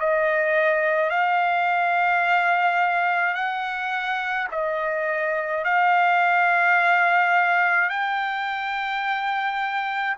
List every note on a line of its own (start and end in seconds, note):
0.00 1.10 D#5
1.10 3.34 F5
3.34 4.48 F#5
4.51 5.64 D#5
5.64 7.90 F5
7.90 10.16 G5